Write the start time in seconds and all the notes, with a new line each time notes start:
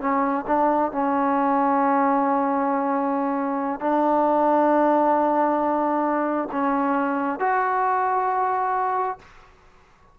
0.00 C#4
0.47 D4
0.91 C#4
3.80 D4
6.51 C#4
7.39 F#4